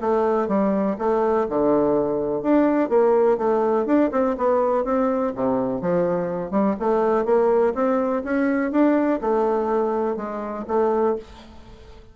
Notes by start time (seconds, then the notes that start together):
0.00 A3
0.48 G3
0.98 A3
1.49 D3
2.42 D4
2.89 A#3
3.37 A3
3.86 D4
4.12 C4
4.37 B3
4.84 C4
5.35 C3
5.81 F3
6.51 G3
6.79 A3
7.25 A#3
7.74 C4
8.23 C#4
8.71 D4
9.21 A3
10.16 G#3
10.67 A3